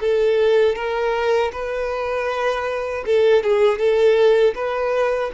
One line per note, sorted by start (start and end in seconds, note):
0.00 0.75 A4
0.75 1.51 A#4
1.52 3.04 B4
3.06 3.43 A4
3.43 3.78 G#4
3.78 4.54 A4
4.55 5.31 B4